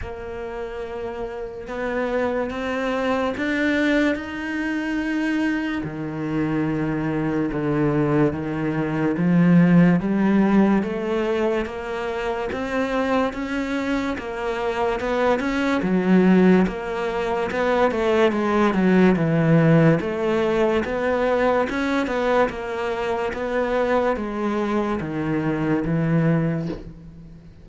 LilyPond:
\new Staff \with { instrumentName = "cello" } { \time 4/4 \tempo 4 = 72 ais2 b4 c'4 | d'4 dis'2 dis4~ | dis4 d4 dis4 f4 | g4 a4 ais4 c'4 |
cis'4 ais4 b8 cis'8 fis4 | ais4 b8 a8 gis8 fis8 e4 | a4 b4 cis'8 b8 ais4 | b4 gis4 dis4 e4 | }